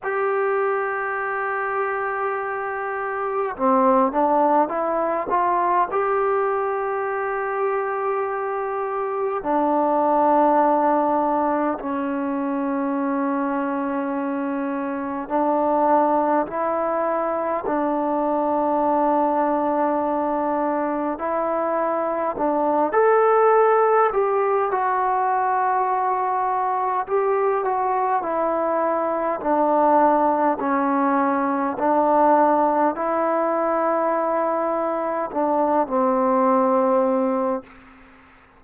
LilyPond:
\new Staff \with { instrumentName = "trombone" } { \time 4/4 \tempo 4 = 51 g'2. c'8 d'8 | e'8 f'8 g'2. | d'2 cis'2~ | cis'4 d'4 e'4 d'4~ |
d'2 e'4 d'8 a'8~ | a'8 g'8 fis'2 g'8 fis'8 | e'4 d'4 cis'4 d'4 | e'2 d'8 c'4. | }